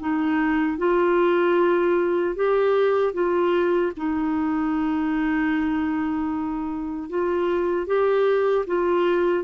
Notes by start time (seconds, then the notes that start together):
0.00 D#4
0.78 F4
2.35 G4
3.14 F4
3.97 D#4
7.09 F4
7.87 G4
8.67 F4